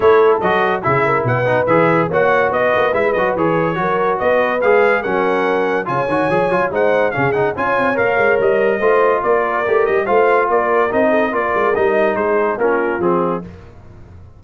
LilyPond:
<<
  \new Staff \with { instrumentName = "trumpet" } { \time 4/4 \tempo 4 = 143 cis''4 dis''4 e''4 fis''4 | e''4 fis''4 dis''4 e''8 dis''8 | cis''2 dis''4 f''4 | fis''2 gis''2 |
fis''4 f''8 fis''8 gis''4 f''4 | dis''2 d''4. dis''8 | f''4 d''4 dis''4 d''4 | dis''4 c''4 ais'4 gis'4 | }
  \new Staff \with { instrumentName = "horn" } { \time 4/4 a'2 gis'8 ais'8 b'4~ | b'4 cis''4 b'2~ | b'4 ais'4 b'2 | ais'2 cis''2 |
c''4 gis'4 cis''2~ | cis''4 c''4 ais'2 | c''4 ais'4. a'8 ais'4~ | ais'4 gis'4 f'2 | }
  \new Staff \with { instrumentName = "trombone" } { \time 4/4 e'4 fis'4 e'4. dis'8 | gis'4 fis'2 e'8 fis'8 | gis'4 fis'2 gis'4 | cis'2 f'8 fis'8 gis'8 f'8 |
dis'4 cis'8 dis'8 f'4 ais'4~ | ais'4 f'2 g'4 | f'2 dis'4 f'4 | dis'2 cis'4 c'4 | }
  \new Staff \with { instrumentName = "tuba" } { \time 4/4 a4 fis4 cis4 b,4 | e4 ais4 b8 ais8 gis8 fis8 | e4 fis4 b4 gis4 | fis2 cis8 dis8 f8 fis8 |
gis4 cis4 cis'8 c'8 ais8 gis8 | g4 a4 ais4 a8 g8 | a4 ais4 c'4 ais8 gis8 | g4 gis4 ais4 f4 | }
>>